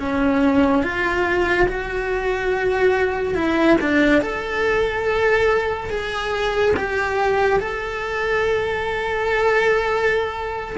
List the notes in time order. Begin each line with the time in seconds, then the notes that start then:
0.00 C#4
0.83 F4
1.68 F#4
3.35 E4
3.81 D4
4.21 A4
5.90 G#4
6.77 G4
7.60 A4